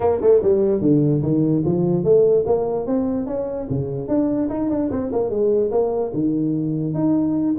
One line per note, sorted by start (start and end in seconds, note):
0.00 0.20 A#3
0.21 0.41 A3
0.42 0.81 G3
0.81 1.22 D3
1.22 1.63 D#3
1.65 2.03 F3
2.03 2.44 A3
2.46 2.86 A#3
2.86 3.26 C4
3.26 3.67 C#4
3.69 4.08 C#3
4.08 4.48 D4
4.49 4.69 D#4
4.69 4.90 D4
4.90 5.11 C4
5.12 5.29 A#3
5.29 5.70 G#3
5.71 6.12 A#3
6.13 6.94 D#3
6.94 7.55 D#4